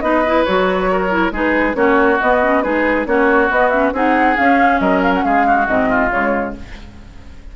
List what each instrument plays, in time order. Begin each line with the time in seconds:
0.00 bassoon B3, clarinet D#4, oboe B4, flute D#5
0.26 clarinet E4
0.44 bassoon F#3, clarinet F#4, flute C#5
0.91 oboe A#4
1.09 clarinet E4
1.31 bassoon G#3, clarinet D#4, oboe G#4, flute B4
1.73 bassoon A#3, clarinet C#4, oboe F#4, flute C#5
2.20 clarinet B3, bassoon B3, flute D#5
2.42 clarinet C#4
2.62 bassoon G#3, clarinet D#4, oboe G#4, flute B4
3.06 bassoon A#3, clarinet C#4, oboe F#4, flute C#5
3.49 clarinet B3, bassoon B3, flute D#5
3.69 clarinet C#4, flute E5
3.92 bassoon C4, clarinet D#4, oboe G#4, flute F#5
4.36 clarinet C#4, bassoon C#4, flute F5
4.79 bassoon F#3, oboe A#4, flute D#5
5.02 flute F5
5.14 flute F#5
5.24 bassoon G#3, oboe G#4, flute F5
5.46 oboe F#4
5.67 bassoon G#2, clarinet C4, flute D#5
5.88 oboe F4
6.11 bassoon C#3, clarinet G#3, flute C#5